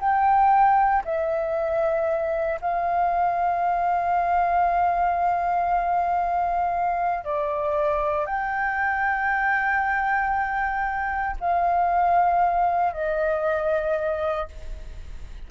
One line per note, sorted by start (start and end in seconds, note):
0.00 1.03 G5
1.05 2.60 E5
2.61 7.24 F5
7.24 8.26 D5
8.26 11.37 G5
11.40 12.93 F5
12.93 14.48 D#5